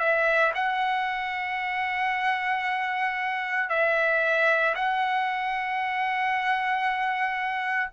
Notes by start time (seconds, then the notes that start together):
0.00 E5
0.55 F#5
3.70 E5
4.75 F#5